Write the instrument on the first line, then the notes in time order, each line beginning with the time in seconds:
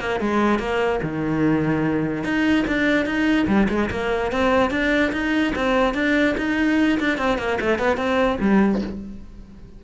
cello
0.00 A#3
0.20 G#3
0.59 A#3
1.03 D#3
2.24 D#4
2.67 D4
3.06 D#4
3.47 G3
3.69 G#3
3.91 A#3
4.32 C4
4.71 D4
5.12 D#4
5.55 C4
5.94 D4
6.38 D#4
7.00 D4
7.18 C4
7.38 A#3
7.60 A3
7.78 B3
7.97 C4
8.40 G3